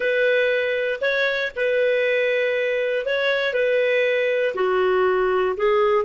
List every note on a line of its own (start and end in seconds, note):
0.00 0.99 B4
1.01 1.51 C#5
1.56 3.06 B4
3.06 3.53 C#5
3.53 4.54 B4
4.54 5.55 F#4
5.56 6.04 G#4